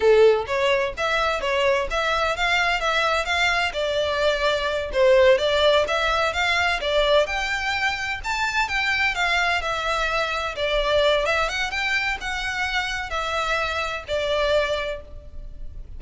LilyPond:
\new Staff \with { instrumentName = "violin" } { \time 4/4 \tempo 4 = 128 a'4 cis''4 e''4 cis''4 | e''4 f''4 e''4 f''4 | d''2~ d''8 c''4 d''8~ | d''8 e''4 f''4 d''4 g''8~ |
g''4. a''4 g''4 f''8~ | f''8 e''2 d''4. | e''8 fis''8 g''4 fis''2 | e''2 d''2 | }